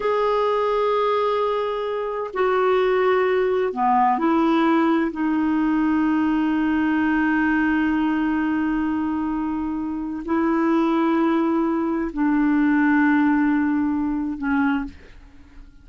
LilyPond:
\new Staff \with { instrumentName = "clarinet" } { \time 4/4 \tempo 4 = 129 gis'1~ | gis'4 fis'2. | b4 e'2 dis'4~ | dis'1~ |
dis'1~ | dis'2 e'2~ | e'2 d'2~ | d'2. cis'4 | }